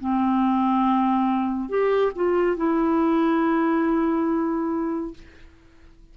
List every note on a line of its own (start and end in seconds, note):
0.00 1.69 C4
1.69 2.12 G4
2.15 2.57 F4
2.57 5.14 E4